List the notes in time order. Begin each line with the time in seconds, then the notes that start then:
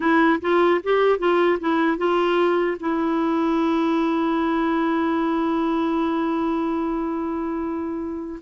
0.00 E4
0.41 F4
0.83 G4
1.19 F4
1.59 E4
1.97 F4
2.80 E4